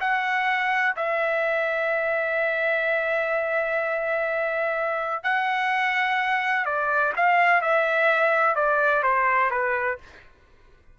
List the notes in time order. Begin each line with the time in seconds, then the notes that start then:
0.00 F#5
0.96 E5
5.23 F#5
6.65 D5
7.16 F5
7.61 E5
8.55 D5
9.03 C5
9.50 B4